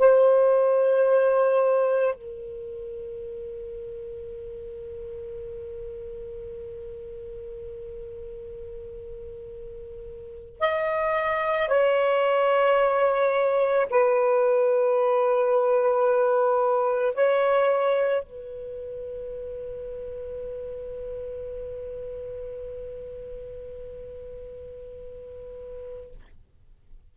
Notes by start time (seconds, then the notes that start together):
0.00 C5
2.15 A#4
10.60 D#5
11.69 C#5
13.90 B4
17.15 C#5
18.23 B4